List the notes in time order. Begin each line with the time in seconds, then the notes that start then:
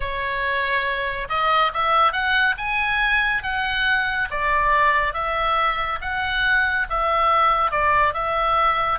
0.00 C#5
1.29 D#5
1.73 E5
2.12 F#5
2.57 G#5
3.42 F#5
4.30 D5
5.13 E5
6.01 F#5
6.89 E5
7.71 D5
8.13 E5